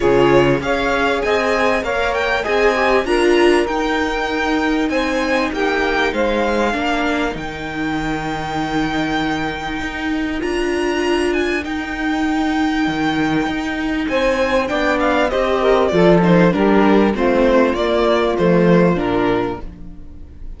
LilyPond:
<<
  \new Staff \with { instrumentName = "violin" } { \time 4/4 \tempo 4 = 98 cis''4 f''4 gis''4 f''8 g''8 | gis''4 ais''4 g''2 | gis''4 g''4 f''2 | g''1~ |
g''4 ais''4. gis''8 g''4~ | g''2. gis''4 | g''8 f''8 dis''4 d''8 c''8 ais'4 | c''4 d''4 c''4 ais'4 | }
  \new Staff \with { instrumentName = "saxophone" } { \time 4/4 gis'4 cis''4 dis''4 cis''4 | dis''4 ais'2. | c''4 g'4 c''4 ais'4~ | ais'1~ |
ais'1~ | ais'2. c''4 | d''4 c''8 ais'8 a'4 g'4 | f'1 | }
  \new Staff \with { instrumentName = "viola" } { \time 4/4 f'4 gis'2 ais'4 | gis'8 g'8 f'4 dis'2~ | dis'2. d'4 | dis'1~ |
dis'4 f'2 dis'4~ | dis'1 | d'4 g'4 f'8 dis'8 d'4 | c'4 ais4 a4 d'4 | }
  \new Staff \with { instrumentName = "cello" } { \time 4/4 cis4 cis'4 c'4 ais4 | c'4 d'4 dis'2 | c'4 ais4 gis4 ais4 | dis1 |
dis'4 d'2 dis'4~ | dis'4 dis4 dis'4 c'4 | b4 c'4 f4 g4 | a4 ais4 f4 ais,4 | }
>>